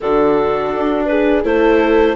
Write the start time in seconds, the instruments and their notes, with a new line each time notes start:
0.00 bassoon D3, viola D4, horn F#4, clarinet A4
0.74 bassoon D4
1.05 horn G#4, clarinet B4
1.44 bassoon A3, viola E4, horn A4, clarinet C5